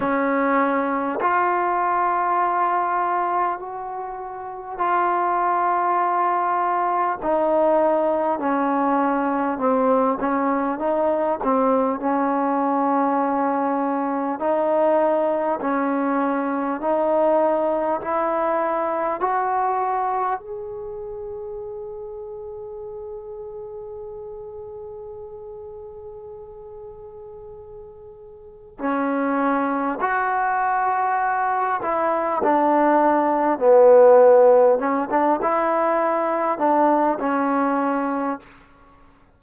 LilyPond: \new Staff \with { instrumentName = "trombone" } { \time 4/4 \tempo 4 = 50 cis'4 f'2 fis'4 | f'2 dis'4 cis'4 | c'8 cis'8 dis'8 c'8 cis'2 | dis'4 cis'4 dis'4 e'4 |
fis'4 gis'2.~ | gis'1 | cis'4 fis'4. e'8 d'4 | b4 cis'16 d'16 e'4 d'8 cis'4 | }